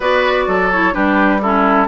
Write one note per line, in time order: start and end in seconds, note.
0.00 0.47 B3
0.00 0.71 F#4
0.00 0.44 B4
0.00 0.71 D5
0.47 0.94 F#3
0.47 0.94 A4
0.71 0.92 E4
0.71 0.94 C#5
0.92 1.87 G3
0.92 1.40 D4
0.92 1.41 G4
0.92 1.41 B4
1.42 1.87 C#4
1.42 1.87 E4
1.42 1.87 A4